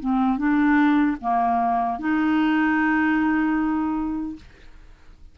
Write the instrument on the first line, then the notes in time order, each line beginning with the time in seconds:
clarinet
0.00 C4
0.38 D4
1.21 A#3
1.99 D#4